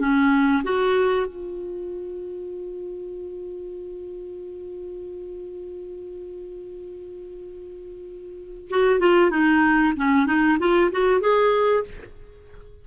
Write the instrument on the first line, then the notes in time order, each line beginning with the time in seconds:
clarinet
0.00 C#4
0.64 F#4
1.27 F4
8.70 F#4
9.00 F4
9.31 D#4
9.97 C#4
10.27 D#4
10.59 F4
10.92 F#4
11.21 G#4